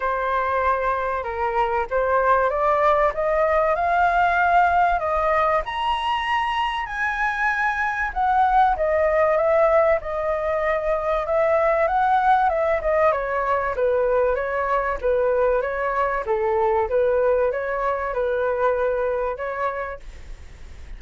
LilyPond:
\new Staff \with { instrumentName = "flute" } { \time 4/4 \tempo 4 = 96 c''2 ais'4 c''4 | d''4 dis''4 f''2 | dis''4 ais''2 gis''4~ | gis''4 fis''4 dis''4 e''4 |
dis''2 e''4 fis''4 | e''8 dis''8 cis''4 b'4 cis''4 | b'4 cis''4 a'4 b'4 | cis''4 b'2 cis''4 | }